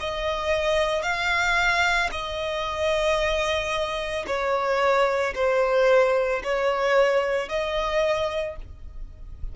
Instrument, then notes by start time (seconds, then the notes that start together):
violin
0.00 D#5
1.03 F5
2.12 D#5
4.27 C#5
5.35 C5
6.44 C#5
7.49 D#5